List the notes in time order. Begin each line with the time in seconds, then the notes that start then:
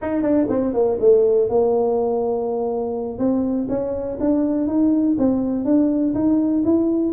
0.01 D#4
0.22 D4
0.49 C4
0.73 A#3
0.99 A3
1.49 A#3
3.18 C4
3.68 C#4
4.19 D4
4.67 D#4
5.18 C4
5.64 D4
6.14 D#4
6.65 E4